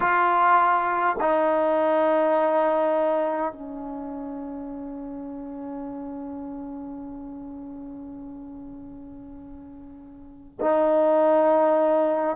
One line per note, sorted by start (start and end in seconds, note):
0.00 1.16 F4
1.20 3.52 D#4
3.52 10.58 C#4
10.60 12.36 D#4